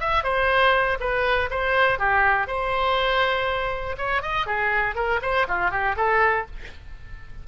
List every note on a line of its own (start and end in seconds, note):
0.00 0.24 E5
0.24 0.98 C5
1.00 1.50 B4
1.51 1.99 C5
1.99 2.47 G4
2.47 3.96 C5
3.98 4.22 C#5
4.22 4.47 D#5
4.47 4.95 G#4
4.95 5.20 A#4
5.22 5.47 C5
5.48 5.71 F4
5.71 5.96 G4
5.96 6.46 A4